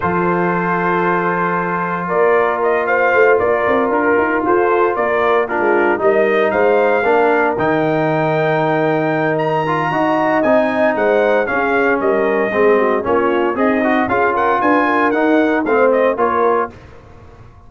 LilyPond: <<
  \new Staff \with { instrumentName = "trumpet" } { \time 4/4 \tempo 4 = 115 c''1 | d''4 dis''8 f''4 d''4 ais'8~ | ais'8 c''4 d''4 ais'4 dis''8~ | dis''8 f''2 g''4.~ |
g''2 ais''2 | gis''4 fis''4 f''4 dis''4~ | dis''4 cis''4 dis''4 f''8 fis''8 | gis''4 fis''4 f''8 dis''8 cis''4 | }
  \new Staff \with { instrumentName = "horn" } { \time 4/4 a'1 | ais'4. c''4 ais'4.~ | ais'8 a'4 ais'4 f'4 ais'8~ | ais'8 c''4 ais'2~ ais'8~ |
ais'2. dis''4~ | dis''4 c''4 gis'4 ais'4 | gis'8 fis'8 f'4 dis'4 gis'8 ais'8 | b'8 ais'4. c''4 ais'4 | }
  \new Staff \with { instrumentName = "trombone" } { \time 4/4 f'1~ | f'1~ | f'2~ f'8 d'4 dis'8~ | dis'4. d'4 dis'4.~ |
dis'2~ dis'8 f'8 fis'4 | dis'2 cis'2 | c'4 cis'4 gis'8 fis'8 f'4~ | f'4 dis'4 c'4 f'4 | }
  \new Staff \with { instrumentName = "tuba" } { \time 4/4 f1 | ais2 a8 ais8 c'8 d'8 | dis'8 f'4 ais4~ ais16 gis8. g8~ | g8 gis4 ais4 dis4.~ |
dis2. dis'4 | c'4 gis4 cis'4 g4 | gis4 ais4 c'4 cis'4 | d'4 dis'4 a4 ais4 | }
>>